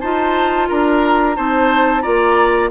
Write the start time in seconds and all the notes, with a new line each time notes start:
0.00 D#4 F4 C5 A5
0.68 D4 A#4 A#5
1.35 C4 D#4 C5 A5
2.02 A#3 F4 D5 A#5